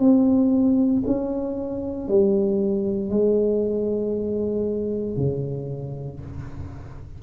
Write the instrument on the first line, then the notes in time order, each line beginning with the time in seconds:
tuba
0.00 C4
1.07 C#4
2.08 G3
3.10 G#3
5.17 C#3